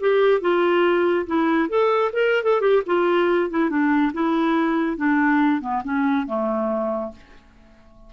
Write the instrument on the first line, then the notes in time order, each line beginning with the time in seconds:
clarinet
0.00 G4
0.41 F4
1.26 E4
1.69 A4
2.12 A#4
2.43 A4
2.61 G4
2.86 F4
3.50 E4
3.69 D4
4.13 E4
4.97 D4
5.61 B3
5.84 C#4
6.26 A3